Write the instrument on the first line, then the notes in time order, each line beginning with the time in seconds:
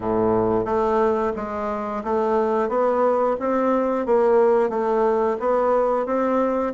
bassoon
0.00 A2
0.65 A3
1.35 G#3
2.04 A3
2.68 B3
3.39 C4
4.05 A#3
4.69 A3
5.39 B3
6.06 C4